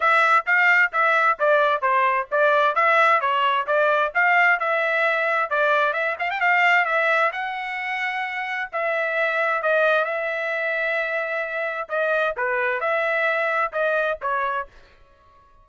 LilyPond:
\new Staff \with { instrumentName = "trumpet" } { \time 4/4 \tempo 4 = 131 e''4 f''4 e''4 d''4 | c''4 d''4 e''4 cis''4 | d''4 f''4 e''2 | d''4 e''8 f''16 g''16 f''4 e''4 |
fis''2. e''4~ | e''4 dis''4 e''2~ | e''2 dis''4 b'4 | e''2 dis''4 cis''4 | }